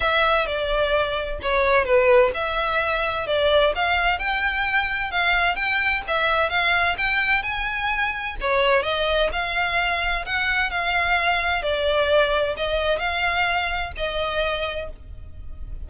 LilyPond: \new Staff \with { instrumentName = "violin" } { \time 4/4 \tempo 4 = 129 e''4 d''2 cis''4 | b'4 e''2 d''4 | f''4 g''2 f''4 | g''4 e''4 f''4 g''4 |
gis''2 cis''4 dis''4 | f''2 fis''4 f''4~ | f''4 d''2 dis''4 | f''2 dis''2 | }